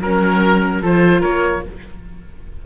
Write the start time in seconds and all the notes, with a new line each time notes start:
0.00 F#3 C#4 A#4
0.81 F3 F4 A4 C5
1.20 A#3 A#4 C#5